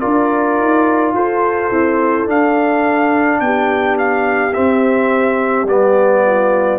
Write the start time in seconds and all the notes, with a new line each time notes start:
0.00 D4 F4 A#4 D5
0.58 D#4
1.14 F4 A4 C5
1.71 C4 E4
2.26 D4 F5
3.40 B3 G4 G5
3.99 F5
4.54 C4 E5
5.63 G3 B3 D5
6.26 F4